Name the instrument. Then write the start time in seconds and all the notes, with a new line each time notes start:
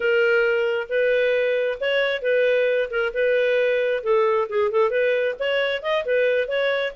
clarinet
0.00 A#4
0.89 B4
1.80 C#5
2.21 B4
2.90 A#4
3.13 B4
4.03 A4
4.49 G#4
4.71 A4
4.90 B4
5.39 C#5
5.82 D#5
6.05 B4
6.48 C#5